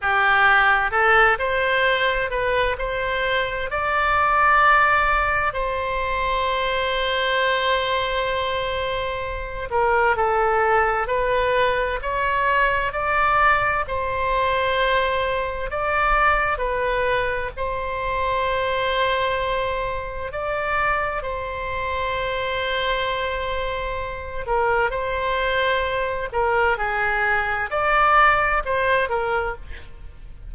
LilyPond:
\new Staff \with { instrumentName = "oboe" } { \time 4/4 \tempo 4 = 65 g'4 a'8 c''4 b'8 c''4 | d''2 c''2~ | c''2~ c''8 ais'8 a'4 | b'4 cis''4 d''4 c''4~ |
c''4 d''4 b'4 c''4~ | c''2 d''4 c''4~ | c''2~ c''8 ais'8 c''4~ | c''8 ais'8 gis'4 d''4 c''8 ais'8 | }